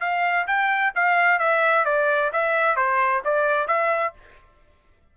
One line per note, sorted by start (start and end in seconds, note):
0.00 0.46 F5
0.47 0.93 G5
0.95 1.39 F5
1.39 1.85 E5
1.85 2.31 D5
2.32 2.76 E5
2.76 3.22 C5
3.25 3.68 D5
3.68 4.14 E5